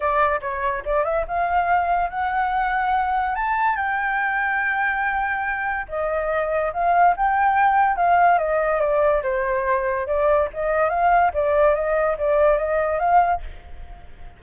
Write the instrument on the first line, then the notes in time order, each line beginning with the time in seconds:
flute
0.00 D5
0.41 C#5
0.85 D5
1.04 E5
1.27 F5
2.10 F#5
3.35 A5
3.76 G5
5.88 D#5
6.73 F5
7.16 G5
7.96 F5
8.38 D#5
8.80 D5
9.23 C5
10.06 D5
10.53 D#5
10.89 F5
11.33 D5
11.74 D#5
12.18 D5
12.58 D#5
12.99 F5